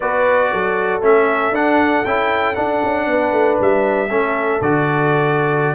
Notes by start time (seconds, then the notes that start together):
0.00 B3 F#4 B4 D5
0.52 F#3 A4
1.01 A3 C#4 E5
1.51 D4 F#5
2.05 C#4 E4 G5
2.54 D4 F#5
2.84 C#4
3.07 B3 B4
3.31 A3
3.60 G3 E5
4.09 A3 C#4 A4
4.61 D3 F#4 D5